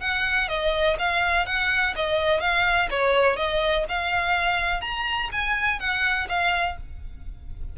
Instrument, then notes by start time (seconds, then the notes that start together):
violin
0.00 F#5
0.48 D#5
0.98 F5
1.46 F#5
1.95 D#5
2.40 F5
2.90 C#5
3.36 D#5
3.88 F5
4.81 A#5
5.32 G#5
5.79 F#5
6.29 F5